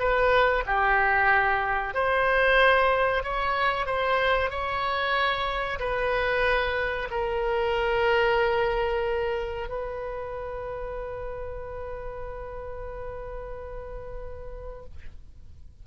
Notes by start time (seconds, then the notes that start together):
0.00 B4
0.67 G4
1.95 C5
3.24 C#5
3.87 C5
4.50 C#5
5.80 B4
7.11 A#4
9.69 B4